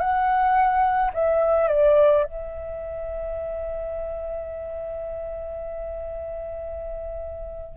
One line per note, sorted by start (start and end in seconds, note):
0.00 1.11 F#5
1.14 1.68 E5
1.68 2.23 D5
2.23 7.77 E5